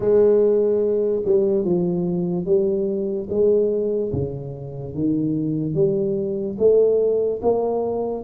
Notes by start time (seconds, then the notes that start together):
0.00 G#3
1.25 G3
1.64 F3
2.45 G3
3.29 G#3
4.12 C#3
4.94 D#3
5.74 G3
6.58 A3
7.42 A#3